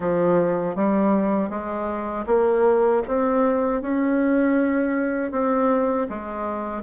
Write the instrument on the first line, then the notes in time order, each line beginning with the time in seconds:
bassoon
0.00 F3
0.75 G3
1.49 G#3
2.26 A#3
3.07 C4
3.81 C#4
5.31 C4
6.09 G#3